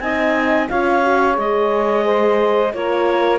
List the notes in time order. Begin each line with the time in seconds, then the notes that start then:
0.00 C4 D#4 D#5 G#5
0.69 C#4 F4 C#5 F5
1.03 F#4
1.34 G#3 G#4 D#5
2.05 C5
2.73 A#3 F4 A#4 C#5